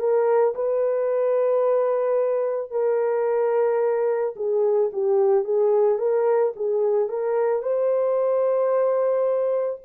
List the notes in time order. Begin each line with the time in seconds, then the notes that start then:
0.00 A#4
0.55 B4
2.71 A#4
4.36 G#4
4.93 G4
5.44 G#4
5.99 A#4
6.56 G#4
7.09 A#4
7.63 C5